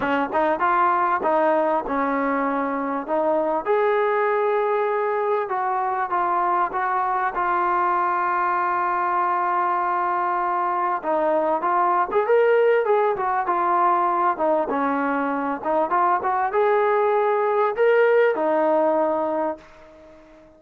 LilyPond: \new Staff \with { instrumentName = "trombone" } { \time 4/4 \tempo 4 = 98 cis'8 dis'8 f'4 dis'4 cis'4~ | cis'4 dis'4 gis'2~ | gis'4 fis'4 f'4 fis'4 | f'1~ |
f'2 dis'4 f'8. gis'16 | ais'4 gis'8 fis'8 f'4. dis'8 | cis'4. dis'8 f'8 fis'8 gis'4~ | gis'4 ais'4 dis'2 | }